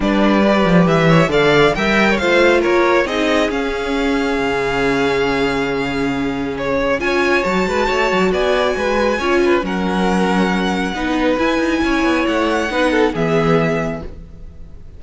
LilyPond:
<<
  \new Staff \with { instrumentName = "violin" } { \time 4/4 \tempo 4 = 137 d''2 e''4 f''4 | g''4 f''4 cis''4 dis''4 | f''1~ | f''2. cis''4 |
gis''4 a''2 gis''4~ | gis''2 fis''2~ | fis''2 gis''2 | fis''2 e''2 | }
  \new Staff \with { instrumentName = "violin" } { \time 4/4 b'2~ b'8 cis''8 d''4 | e''8. cis''16 c''4 ais'4 gis'4~ | gis'1~ | gis'1 |
cis''4. b'8 cis''4 d''4 | b'4 cis''8 b'8 ais'2~ | ais'4 b'2 cis''4~ | cis''4 b'8 a'8 gis'2 | }
  \new Staff \with { instrumentName = "viola" } { \time 4/4 d'4 g'2 a'4 | ais'4 f'2 dis'4 | cis'1~ | cis'1 |
f'4 fis'2.~ | fis'4 f'4 cis'2~ | cis'4 dis'4 e'2~ | e'4 dis'4 b2 | }
  \new Staff \with { instrumentName = "cello" } { \time 4/4 g4. f8 e4 d4 | g4 a4 ais4 c'4 | cis'2 cis2~ | cis1 |
cis'4 fis8 gis8 a8 fis8 b4 | gis4 cis'4 fis2~ | fis4 b4 e'8 dis'8 cis'8 b8 | a4 b4 e2 | }
>>